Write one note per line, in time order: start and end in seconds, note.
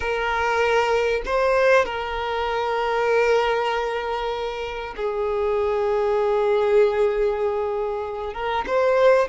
0.00 1.21 A#4
1.25 1.85 C5
1.85 4.94 A#4
4.96 8.33 G#4
8.33 8.64 A#4
8.66 9.28 C5